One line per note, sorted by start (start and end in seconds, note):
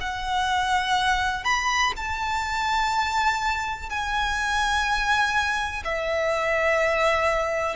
0.00 1.44 F#5
1.44 1.92 B5
1.96 3.89 A5
3.89 5.83 G#5
5.84 7.76 E5